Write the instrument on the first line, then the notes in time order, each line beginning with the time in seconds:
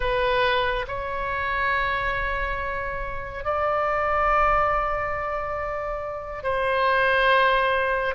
oboe
0.00 B4
0.87 C#5
3.44 D5
6.43 C5